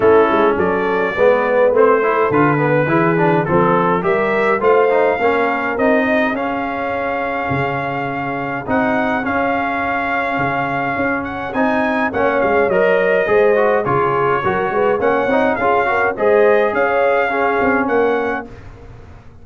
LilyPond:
<<
  \new Staff \with { instrumentName = "trumpet" } { \time 4/4 \tempo 4 = 104 a'4 d''2 c''4 | b'2 a'4 e''4 | f''2 dis''4 f''4~ | f''2. fis''4 |
f''2.~ f''8 fis''8 | gis''4 fis''8 f''8 dis''2 | cis''2 fis''4 f''4 | dis''4 f''2 fis''4 | }
  \new Staff \with { instrumentName = "horn" } { \time 4/4 e'4 a'4 b'4. a'8~ | a'4 gis'4 a'4 ais'4 | c''4 ais'4. gis'4.~ | gis'1~ |
gis'1~ | gis'4 cis''2 c''4 | gis'4 ais'8 b'8 cis''4 gis'8 ais'8 | c''4 cis''4 gis'4 ais'4 | }
  \new Staff \with { instrumentName = "trombone" } { \time 4/4 cis'2 b4 c'8 e'8 | f'8 b8 e'8 d'8 c'4 g'4 | f'8 dis'8 cis'4 dis'4 cis'4~ | cis'2. dis'4 |
cis'1 | dis'4 cis'4 ais'4 gis'8 fis'8 | f'4 fis'4 cis'8 dis'8 f'8 fis'8 | gis'2 cis'2 | }
  \new Staff \with { instrumentName = "tuba" } { \time 4/4 a8 gis8 fis4 gis4 a4 | d4 e4 f4 g4 | a4 ais4 c'4 cis'4~ | cis'4 cis2 c'4 |
cis'2 cis4 cis'4 | c'4 ais8 gis8 fis4 gis4 | cis4 fis8 gis8 ais8 c'8 cis'4 | gis4 cis'4. c'8 ais4 | }
>>